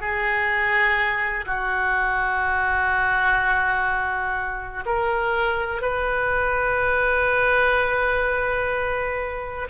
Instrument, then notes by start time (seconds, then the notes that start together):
oboe
0.00 G#4
1.46 F#4
4.85 A#4
5.82 B4